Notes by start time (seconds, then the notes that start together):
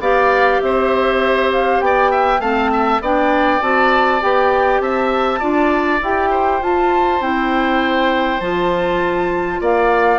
0.00 B3 G4 D5 F5
0.61 C4 C5 E5
1.53 F5
1.81 B3 D5 G5
2.12 E5
2.40 A3 C4 F5 A5
2.73 E5
3.01 B3 D4 D5 G5
3.62 C4 F#4 A5
4.21 B3 G4 G5
4.81 C4 E5 A5
5.40 D4 F4 D5
6.02 E4 G4 G5
6.31 C5
6.62 F4 A5
7.21 C4 E4 G5
8.41 F3 F4 A5
9.61 A#3 D5 F5